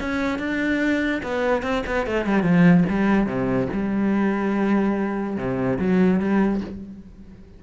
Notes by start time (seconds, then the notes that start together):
0.00 C#4
0.39 D4
1.22 B3
1.62 C4
1.86 B3
2.06 A3
2.25 G3
2.42 F3
2.89 G3
3.26 C3
3.73 G3
5.37 C3
5.79 F#3
6.19 G3